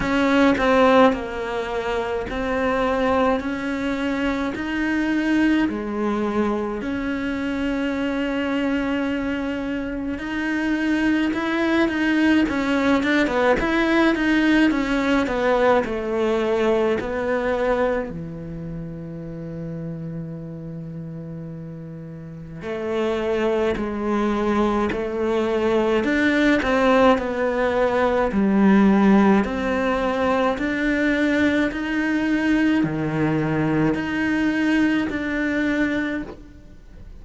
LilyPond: \new Staff \with { instrumentName = "cello" } { \time 4/4 \tempo 4 = 53 cis'8 c'8 ais4 c'4 cis'4 | dis'4 gis4 cis'2~ | cis'4 dis'4 e'8 dis'8 cis'8 d'16 b16 | e'8 dis'8 cis'8 b8 a4 b4 |
e1 | a4 gis4 a4 d'8 c'8 | b4 g4 c'4 d'4 | dis'4 dis4 dis'4 d'4 | }